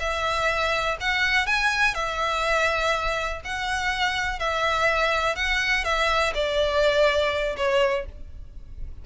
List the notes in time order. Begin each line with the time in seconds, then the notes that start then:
0.00 E5
1.01 F#5
1.47 G#5
1.95 E5
3.45 F#5
4.40 E5
5.36 F#5
5.85 E5
6.35 D5
7.57 C#5